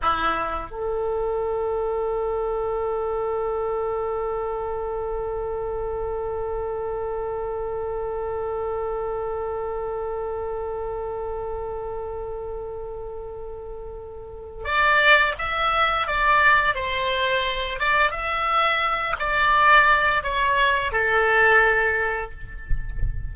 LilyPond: \new Staff \with { instrumentName = "oboe" } { \time 4/4 \tempo 4 = 86 e'4 a'2.~ | a'1~ | a'1~ | a'1~ |
a'1~ | a'4 d''4 e''4 d''4 | c''4. d''8 e''4. d''8~ | d''4 cis''4 a'2 | }